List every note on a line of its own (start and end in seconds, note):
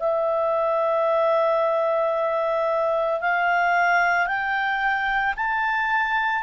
0.00 3.21 E5
3.21 4.27 F5
4.27 5.34 G5
5.36 6.43 A5